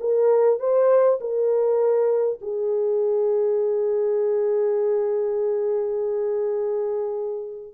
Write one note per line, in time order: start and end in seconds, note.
0.00 0.59 A#4
0.59 1.19 C5
1.20 2.39 A#4
2.41 7.74 G#4